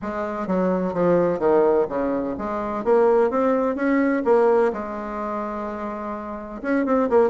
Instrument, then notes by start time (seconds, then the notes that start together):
bassoon
0.02 G#3
0.47 F#3
0.93 F3
1.39 D#3
1.88 C#3
2.38 G#3
2.84 A#3
3.30 C4
3.75 C#4
4.25 A#3
4.72 G#3
6.62 C#4
6.85 C4
7.09 A#3